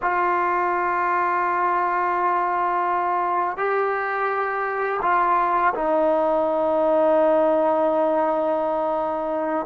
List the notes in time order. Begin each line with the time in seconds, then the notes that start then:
0.02 F4
3.57 G4
5.02 F4
5.74 D#4